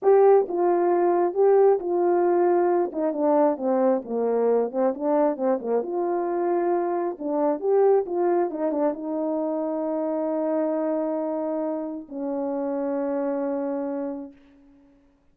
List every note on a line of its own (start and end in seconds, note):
0.02 0.47 G4
0.48 1.34 F4
1.34 1.78 G4
1.79 2.91 F4
2.92 3.12 D#4
3.12 3.57 D4
3.57 4.02 C4
4.04 4.71 A#3
4.71 4.93 C4
4.94 5.36 D4
5.36 5.59 C4
5.60 5.82 A#3
5.82 7.17 F4
7.18 7.60 D4
7.60 8.05 G4
8.06 8.50 F4
8.50 8.71 D#4
8.71 8.93 D4
8.93 12.07 D#4
12.08 14.32 C#4